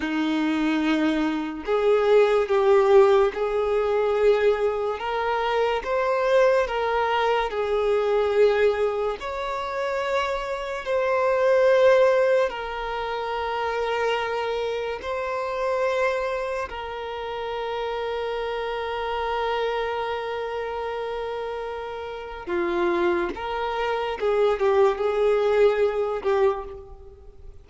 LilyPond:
\new Staff \with { instrumentName = "violin" } { \time 4/4 \tempo 4 = 72 dis'2 gis'4 g'4 | gis'2 ais'4 c''4 | ais'4 gis'2 cis''4~ | cis''4 c''2 ais'4~ |
ais'2 c''2 | ais'1~ | ais'2. f'4 | ais'4 gis'8 g'8 gis'4. g'8 | }